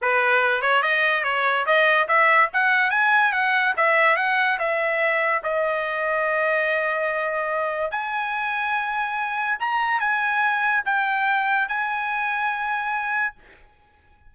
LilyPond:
\new Staff \with { instrumentName = "trumpet" } { \time 4/4 \tempo 4 = 144 b'4. cis''8 dis''4 cis''4 | dis''4 e''4 fis''4 gis''4 | fis''4 e''4 fis''4 e''4~ | e''4 dis''2.~ |
dis''2. gis''4~ | gis''2. ais''4 | gis''2 g''2 | gis''1 | }